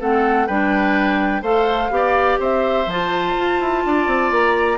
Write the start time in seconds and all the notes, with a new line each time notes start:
0.00 A3 C4 A4 F#5
0.47 G3 D4 B4 G5
1.42 A3 A4 C5 F5
1.90 B3 G4 D5
2.40 C4 C5 E5
2.87 F3 F4 A5
3.37 F4
3.60 E4
3.85 D4 D5
4.07 C4
4.31 A#3 A#5